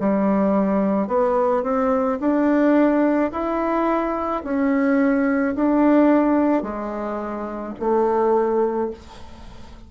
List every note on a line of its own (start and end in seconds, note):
0.00 1.08 G3
1.08 1.64 B3
1.64 2.19 C4
2.21 3.32 D4
3.32 4.43 E4
4.44 5.55 C#4
5.56 6.63 D4
6.63 7.74 G#3
7.80 8.91 A3